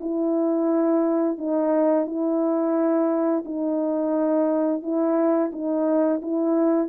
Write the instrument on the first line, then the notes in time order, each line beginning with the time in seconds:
horn
0.00 E4
1.38 D#4
2.06 E4
3.45 D#4
4.82 E4
5.52 D#4
6.22 E4